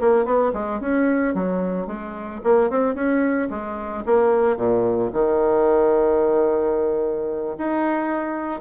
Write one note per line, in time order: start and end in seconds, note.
0.00 0.25 A#3
0.25 0.52 B3
0.53 0.80 G#3
0.80 1.34 C#4
1.34 1.87 F#3
1.87 2.41 G#3
2.44 2.70 A#3
2.70 2.95 C4
2.95 3.49 C#4
3.50 4.04 G#3
4.06 4.57 A#3
4.57 5.11 A#2
5.13 7.56 D#3
7.58 8.61 D#4